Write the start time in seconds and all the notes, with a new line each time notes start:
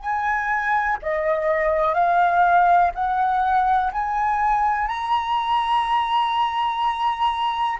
0.00 G#5
1.02 D#5
1.94 F5
2.94 F#5
3.92 G#5
4.87 A#5